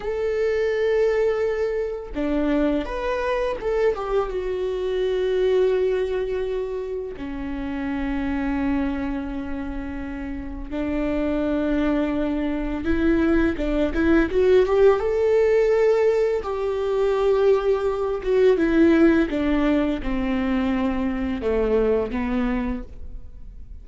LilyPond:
\new Staff \with { instrumentName = "viola" } { \time 4/4 \tempo 4 = 84 a'2. d'4 | b'4 a'8 g'8 fis'2~ | fis'2 cis'2~ | cis'2. d'4~ |
d'2 e'4 d'8 e'8 | fis'8 g'8 a'2 g'4~ | g'4. fis'8 e'4 d'4 | c'2 a4 b4 | }